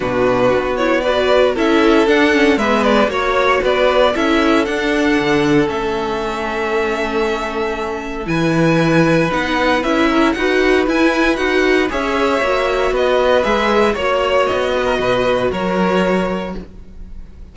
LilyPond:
<<
  \new Staff \with { instrumentName = "violin" } { \time 4/4 \tempo 4 = 116 b'4. cis''8 d''4 e''4 | fis''4 e''8 d''8 cis''4 d''4 | e''4 fis''2 e''4~ | e''1 |
gis''2 fis''4 e''4 | fis''4 gis''4 fis''4 e''4~ | e''4 dis''4 e''4 cis''4 | dis''2 cis''2 | }
  \new Staff \with { instrumentName = "violin" } { \time 4/4 fis'2 b'4 a'4~ | a'4 b'4 cis''4 b'4 | a'1~ | a'1 |
b'2.~ b'8 ais'8 | b'2. cis''4~ | cis''4 b'2 cis''4~ | cis''8 b'16 ais'16 b'4 ais'2 | }
  \new Staff \with { instrumentName = "viola" } { \time 4/4 d'4. e'8 fis'4 e'4 | d'8 cis'8 b4 fis'2 | e'4 d'2 cis'4~ | cis'1 |
e'2 dis'4 e'4 | fis'4 e'4 fis'4 gis'4 | fis'2 gis'4 fis'4~ | fis'1 | }
  \new Staff \with { instrumentName = "cello" } { \time 4/4 b,4 b2 cis'4 | d'4 gis4 ais4 b4 | cis'4 d'4 d4 a4~ | a1 |
e2 b4 cis'4 | dis'4 e'4 dis'4 cis'4 | ais4 b4 gis4 ais4 | b4 b,4 fis2 | }
>>